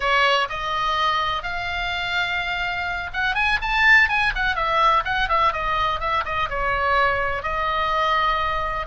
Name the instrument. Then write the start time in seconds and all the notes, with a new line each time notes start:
oboe
0.00 C#5
0.49 D#5
1.42 F5
3.13 F#5
3.35 G#5
3.61 A5
4.08 G#5
4.35 F#5
4.55 E5
5.04 F#5
5.28 E5
5.52 D#5
6.00 E5
6.25 D#5
6.49 C#5
7.43 D#5